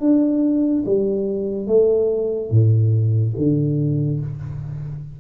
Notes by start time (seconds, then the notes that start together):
0.00 D4
0.85 G3
1.67 A3
2.51 A2
3.37 D3